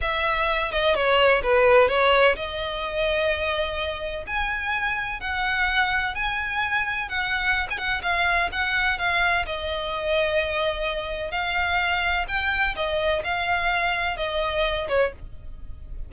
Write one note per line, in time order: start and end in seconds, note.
0.01 0.71 E5
0.71 0.94 D#5
0.94 1.42 C#5
1.42 1.88 B4
1.88 2.35 C#5
2.36 4.25 D#5
4.26 5.20 G#5
5.20 6.14 F#5
6.14 7.08 G#5
7.08 7.67 F#5
7.70 7.78 G#5
7.78 8.01 F#5
8.02 8.49 F5
8.52 8.98 F#5
8.98 9.45 F5
9.46 11.31 D#5
11.31 12.25 F5
12.27 12.75 G5
12.75 13.22 D#5
13.23 14.16 F5
14.16 14.87 D#5
14.88 15.12 C#5